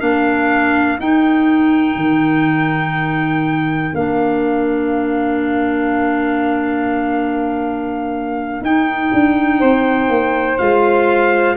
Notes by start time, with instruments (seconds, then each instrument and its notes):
0.00 tuba A#3, clarinet D4, saxophone A#4, trumpet F5
1.00 tuba D#4, clarinet D#4, trumpet G5
1.96 tuba D#3
3.95 tuba A#3, clarinet D4, trumpet F5
8.62 tuba D#4, clarinet D#4, trumpet G5
9.14 tuba D4
9.59 tuba C4, saxophone C5
10.09 tuba A#3
10.58 tuba G#3, clarinet F4, trumpet F5